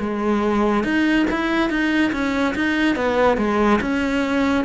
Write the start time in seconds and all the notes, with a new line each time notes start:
0.00 G#3
0.84 D#4
1.31 E4
1.70 D#4
2.13 C#4
2.55 D#4
2.96 B3
3.38 G#3
3.81 C#4